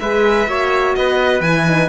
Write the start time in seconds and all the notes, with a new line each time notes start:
0.00 G#3 G#4 B4 E5
0.48 A#3 F#4 C#5
0.95 B3 B4 D#5
1.41 E3 E4 G#5
1.67 D#4